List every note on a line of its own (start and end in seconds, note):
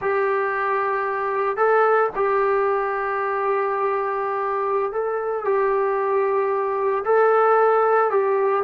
0.01 1.56 G4
1.56 2.09 A4
2.15 4.91 G4
4.91 5.44 A4
5.44 7.04 G4
7.05 8.10 A4
8.10 8.63 G4